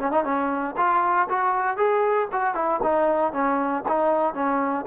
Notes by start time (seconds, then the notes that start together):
0.00 C#4
0.12 D#4
0.24 C#4
0.77 F4
1.30 F#4
1.78 G#4
2.33 F#4
2.55 E4
2.83 D#4
3.33 C#4
3.89 D#4
4.34 C#4